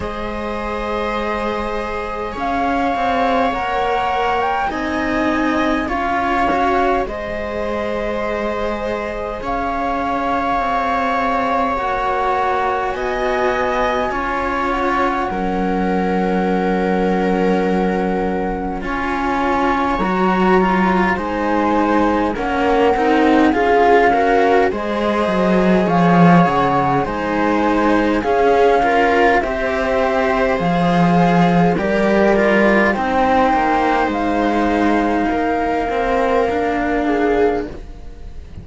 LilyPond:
<<
  \new Staff \with { instrumentName = "flute" } { \time 4/4 \tempo 4 = 51 dis''2 f''4 fis''8. g''16 | gis''4 f''4 dis''2 | f''2 fis''4 gis''4~ | gis''8 fis''2.~ fis''8 |
gis''4 ais''4 gis''4 fis''4 | f''4 dis''4 f''8 fis''8 gis''4 | f''4 e''4 f''4 d''4 | g''4 f''2. | }
  \new Staff \with { instrumentName = "viola" } { \time 4/4 c''2 cis''2 | dis''4 cis''4 c''2 | cis''2. dis''4 | cis''4 ais'2. |
cis''2 c''4 ais'4 | gis'8 ais'8 c''4 cis''4 c''4 | gis'8 ais'8 c''2 ais'4 | c''2 ais'4. gis'8 | }
  \new Staff \with { instrumentName = "cello" } { \time 4/4 gis'2. ais'4 | dis'4 f'8 fis'8 gis'2~ | gis'2 fis'2 | f'4 cis'2. |
f'4 fis'8 f'8 dis'4 cis'8 dis'8 | f'8 fis'8 gis'2 dis'4 | cis'8 f'8 g'4 gis'4 g'8 f'8 | dis'2~ dis'8 c'8 d'4 | }
  \new Staff \with { instrumentName = "cello" } { \time 4/4 gis2 cis'8 c'8 ais4 | c'4 cis'4 gis2 | cis'4 c'4 ais4 b4 | cis'4 fis2. |
cis'4 fis4 gis4 ais8 c'8 | cis'4 gis8 fis8 f8 cis8 gis4 | cis'4 c'4 f4 g4 | c'8 ais8 gis4 ais2 | }
>>